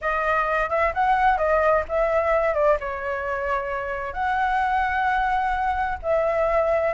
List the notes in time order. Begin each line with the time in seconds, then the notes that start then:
0.01 D#5
0.69 E5
0.93 F#5
1.37 D#5
1.88 E5
2.54 D5
2.79 C#5
4.13 F#5
6.02 E5